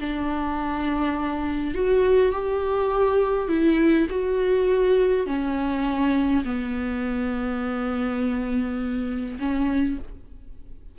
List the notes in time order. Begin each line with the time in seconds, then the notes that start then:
0.00 D4
1.75 F#4
2.32 G4
3.49 E4
4.10 F#4
5.26 C#4
6.45 B3
9.40 C#4